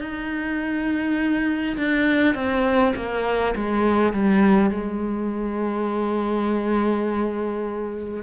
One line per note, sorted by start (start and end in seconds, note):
0.00 1.76 D#4
1.77 2.34 D4
2.34 2.93 C4
2.95 3.54 A#3
3.55 4.12 G#3
4.12 4.70 G3
4.70 8.22 G#3